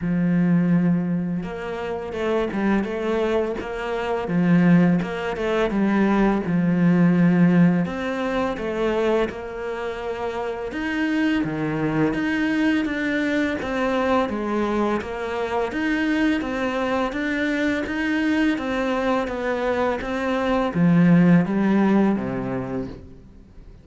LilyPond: \new Staff \with { instrumentName = "cello" } { \time 4/4 \tempo 4 = 84 f2 ais4 a8 g8 | a4 ais4 f4 ais8 a8 | g4 f2 c'4 | a4 ais2 dis'4 |
dis4 dis'4 d'4 c'4 | gis4 ais4 dis'4 c'4 | d'4 dis'4 c'4 b4 | c'4 f4 g4 c4 | }